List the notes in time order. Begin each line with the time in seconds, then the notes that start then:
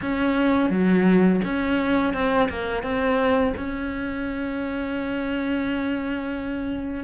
0.01 C#4
0.70 F#3
1.44 C#4
2.13 C4
2.49 A#3
2.82 C4
3.56 C#4